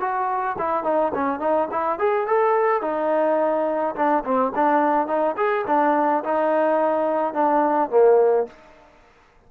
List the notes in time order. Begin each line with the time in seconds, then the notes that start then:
0.00 F#4
0.59 E4
0.84 D#4
1.14 C#4
1.40 D#4
1.71 E4
1.99 G#4
2.27 A4
2.82 D#4
3.95 D4
4.24 C4
4.55 D4
5.07 D#4
5.37 G#4
5.67 D4
6.24 D#4
7.34 D4
7.90 A#3